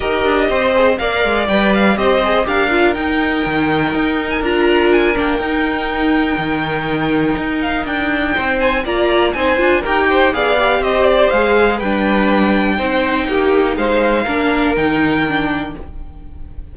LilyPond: <<
  \new Staff \with { instrumentName = "violin" } { \time 4/4 \tempo 4 = 122 dis''2 f''4 g''8 f''8 | dis''4 f''4 g''2~ | g''8. gis''16 ais''4 gis''8 g''4.~ | g''2.~ g''8 f''8 |
g''4. gis''8 ais''4 gis''4 | g''4 f''4 dis''8 d''8 f''4 | g''1 | f''2 g''2 | }
  \new Staff \with { instrumentName = "violin" } { \time 4/4 ais'4 c''4 d''2 | c''4 ais'2.~ | ais'1~ | ais'1~ |
ais'4 c''4 d''4 c''4 | ais'8 c''8 d''4 c''2 | b'2 c''4 g'4 | c''4 ais'2. | }
  \new Staff \with { instrumentName = "viola" } { \time 4/4 g'4. gis'8 ais'4 b'4 | g'8 gis'8 g'8 f'8 dis'2~ | dis'4 f'4. d'8 dis'4~ | dis'1~ |
dis'2 f'4 dis'8 f'8 | g'4 gis'8 g'4. gis'4 | d'2 dis'2~ | dis'4 d'4 dis'4 d'4 | }
  \new Staff \with { instrumentName = "cello" } { \time 4/4 dis'8 d'8 c'4 ais8 gis8 g4 | c'4 d'4 dis'4 dis4 | dis'4 d'4. ais8 dis'4~ | dis'4 dis2 dis'4 |
d'4 c'4 ais4 c'8 d'8 | dis'4 b4 c'4 gis4 | g2 c'4 ais4 | gis4 ais4 dis2 | }
>>